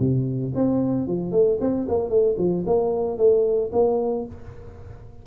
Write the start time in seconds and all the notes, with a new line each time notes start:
0.00 C3
0.56 C4
1.08 F3
1.32 A3
1.61 C4
1.89 A#3
2.09 A3
2.38 F3
2.66 A#3
3.18 A3
3.73 A#3